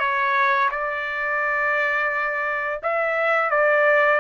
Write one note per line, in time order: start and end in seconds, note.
0.00 0.70 C#5
0.71 2.81 D5
2.84 3.51 E5
3.51 4.21 D5